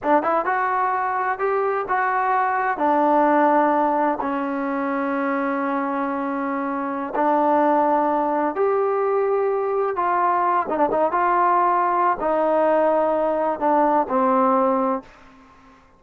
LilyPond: \new Staff \with { instrumentName = "trombone" } { \time 4/4 \tempo 4 = 128 d'8 e'8 fis'2 g'4 | fis'2 d'2~ | d'4 cis'2.~ | cis'2.~ cis'16 d'8.~ |
d'2~ d'16 g'4.~ g'16~ | g'4~ g'16 f'4. dis'16 d'16 dis'8 f'16~ | f'2 dis'2~ | dis'4 d'4 c'2 | }